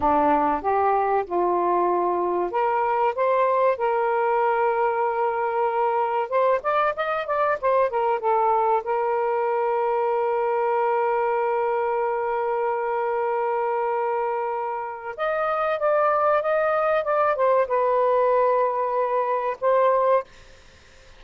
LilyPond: \new Staff \with { instrumentName = "saxophone" } { \time 4/4 \tempo 4 = 95 d'4 g'4 f'2 | ais'4 c''4 ais'2~ | ais'2 c''8 d''8 dis''8 d''8 | c''8 ais'8 a'4 ais'2~ |
ais'1~ | ais'1 | dis''4 d''4 dis''4 d''8 c''8 | b'2. c''4 | }